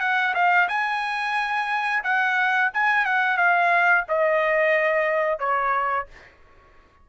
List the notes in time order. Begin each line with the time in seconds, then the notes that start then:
0.00 F#5
0.34 F5
0.68 G#5
2.03 F#5
2.74 G#5
3.05 F#5
3.37 F5
4.08 D#5
5.39 C#5